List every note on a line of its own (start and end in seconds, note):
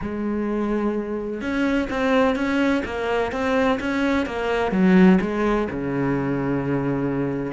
0.01 1.41 G#3
1.41 1.88 C#4
1.89 2.35 C4
2.35 2.83 C#4
2.85 3.32 A#3
3.32 3.79 C4
3.80 4.26 C#4
4.26 4.71 A#3
4.71 5.18 F#3
5.21 5.68 G#3
5.70 7.52 C#3